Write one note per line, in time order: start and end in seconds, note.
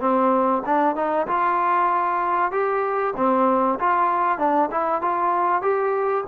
0.00 0.62 C4
0.66 0.96 D4
0.96 1.27 D#4
1.28 2.52 F4
2.52 3.14 G4
3.17 3.79 C4
3.80 4.38 F4
4.38 4.70 D4
4.71 5.02 E4
5.02 5.62 F4
5.62 6.25 G4